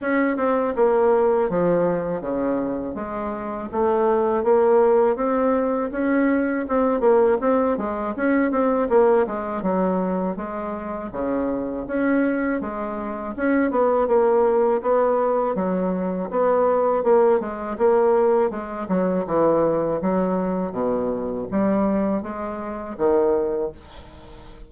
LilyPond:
\new Staff \with { instrumentName = "bassoon" } { \time 4/4 \tempo 4 = 81 cis'8 c'8 ais4 f4 cis4 | gis4 a4 ais4 c'4 | cis'4 c'8 ais8 c'8 gis8 cis'8 c'8 | ais8 gis8 fis4 gis4 cis4 |
cis'4 gis4 cis'8 b8 ais4 | b4 fis4 b4 ais8 gis8 | ais4 gis8 fis8 e4 fis4 | b,4 g4 gis4 dis4 | }